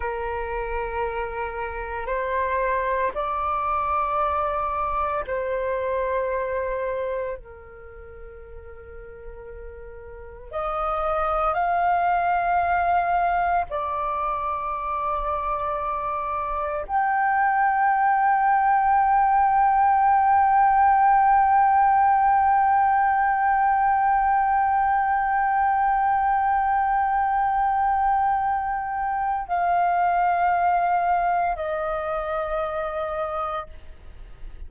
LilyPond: \new Staff \with { instrumentName = "flute" } { \time 4/4 \tempo 4 = 57 ais'2 c''4 d''4~ | d''4 c''2 ais'4~ | ais'2 dis''4 f''4~ | f''4 d''2. |
g''1~ | g''1~ | g''1 | f''2 dis''2 | }